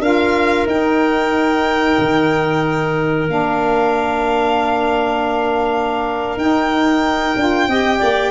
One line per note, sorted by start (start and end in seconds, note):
0.00 0.65 D4
0.00 0.68 F4
0.00 7.67 A#4
0.00 0.67 F5
0.67 1.97 D#4
0.67 3.28 D#4
0.67 3.30 G5
1.99 3.29 D#3
3.28 6.37 A#3
3.28 6.38 D4
3.28 6.39 F5
6.37 7.35 D#4
6.37 7.37 D#4
6.37 8.32 G5
7.36 7.68 D4
7.36 7.69 F4
7.68 8.00 C4
7.68 8.32 G4
7.68 7.99 D#5
7.99 8.32 A#3
7.99 8.32 D5